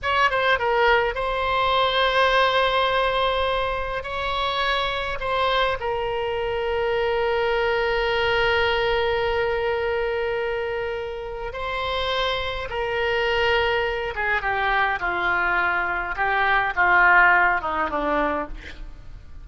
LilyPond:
\new Staff \with { instrumentName = "oboe" } { \time 4/4 \tempo 4 = 104 cis''8 c''8 ais'4 c''2~ | c''2. cis''4~ | cis''4 c''4 ais'2~ | ais'1~ |
ais'1 | c''2 ais'2~ | ais'8 gis'8 g'4 f'2 | g'4 f'4. dis'8 d'4 | }